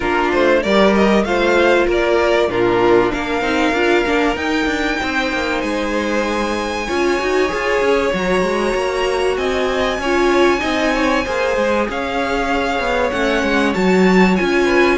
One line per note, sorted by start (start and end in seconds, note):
0.00 0.32 A#3
0.00 0.64 D4
0.00 0.60 F4
0.00 0.31 A#4
0.32 0.64 A3
0.32 0.62 C5
0.62 1.24 G3
0.62 1.25 G4
0.62 1.24 A#4
0.62 0.93 D5
0.94 1.24 D#5
1.24 1.86 A3
1.24 2.49 F4
1.24 1.86 C5
1.24 1.86 F5
1.86 2.48 A#3
1.86 2.49 A#4
1.86 2.51 D5
2.48 3.10 A#2
2.48 3.42 D4
2.48 3.12 F4
2.48 3.11 A#4
3.11 3.41 A#3
3.11 5.00 A#4
3.11 4.36 F5
3.41 3.72 C4
3.41 3.73 D#4
3.73 4.04 D4
3.73 4.06 F4
4.06 4.36 A#3
4.06 4.35 D4
4.35 6.85 D#4
4.35 4.65 D#4
4.35 5.61 G5
4.65 4.97 D4
5.00 5.32 C4
5.00 6.87 C5
5.32 5.62 A#3
5.61 6.87 G#3
5.61 8.11 G#5
6.87 7.20 C#4
6.87 7.19 F4
6.87 9.37 C#5
7.19 7.52 D#4
7.19 7.48 F#4
7.48 7.81 F4
7.48 8.10 G#4
7.81 8.12 C#4
8.13 8.42 F#3
8.13 10.00 F#4
8.13 9.37 A#5
8.42 8.73 G#3
8.74 9.36 A#3
9.36 9.98 C4
9.36 10.00 D#5
9.36 11.87 G#5
9.98 10.61 C#4
9.98 10.60 C#5
10.05 10.58 F4
10.58 11.25 C4
10.58 11.21 D#4
10.58 10.91 D#5
10.94 11.24 C#5
11.24 11.56 A#3
11.24 13.12 G#4
11.24 11.86 C5
11.56 11.88 G#3
11.89 12.79 C#4
11.89 14.64 C#5
11.89 13.10 F5
12.79 13.11 B3
13.10 13.43 A3
13.10 13.74 C#4
13.10 13.73 F#5
13.43 13.74 G#3
13.73 14.38 F#3
13.73 14.37 F#4
13.73 14.36 A5
14.36 14.98 C#4
14.36 14.98 F4
14.36 14.98 G#5
14.64 14.96 B4